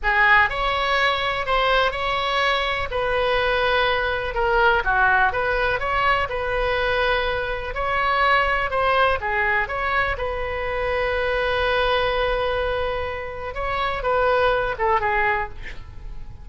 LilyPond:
\new Staff \with { instrumentName = "oboe" } { \time 4/4 \tempo 4 = 124 gis'4 cis''2 c''4 | cis''2 b'2~ | b'4 ais'4 fis'4 b'4 | cis''4 b'2. |
cis''2 c''4 gis'4 | cis''4 b'2.~ | b'1 | cis''4 b'4. a'8 gis'4 | }